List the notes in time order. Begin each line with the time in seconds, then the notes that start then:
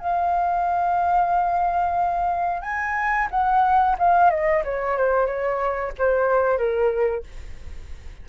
0.00 F5
2.62 G#5
3.31 F#5
3.99 F5
4.30 D#5
4.65 C#5
4.98 C5
5.26 C#5
5.98 C5
6.58 A#4